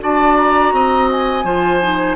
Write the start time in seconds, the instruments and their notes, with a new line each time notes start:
0.00 bassoon D4, clarinet F#4, oboe D5, flute A5
0.37 flute A#5
0.73 bassoon C4, oboe D#5
1.11 flute G#5
1.44 bassoon F3, clarinet F4, oboe C5
1.82 clarinet D#4